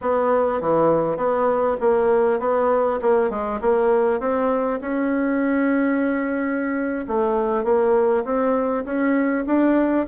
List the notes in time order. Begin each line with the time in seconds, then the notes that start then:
0.01 B3
0.60 E3
1.16 B3
1.80 A#3
2.39 B3
3.01 A#3
3.30 G#3
3.61 A#3
4.19 C4
4.80 C#4
7.07 A3
7.64 A#3
8.24 C4
8.84 C#4
9.46 D4